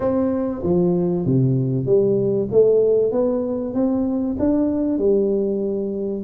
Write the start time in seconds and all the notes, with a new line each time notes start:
0.00 C4
0.63 F3
1.25 C3
1.86 G3
2.51 A3
3.11 B3
3.74 C4
4.39 D4
4.98 G3